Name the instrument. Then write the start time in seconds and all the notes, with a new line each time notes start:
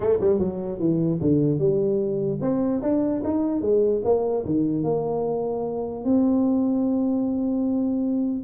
tuba
0.00 A3
0.20 G3
0.38 F#3
0.79 E3
1.21 D3
1.58 G3
2.41 C4
2.82 D4
3.24 D#4
3.61 G#3
4.04 A#3
4.45 D#3
4.83 A#3
6.04 C4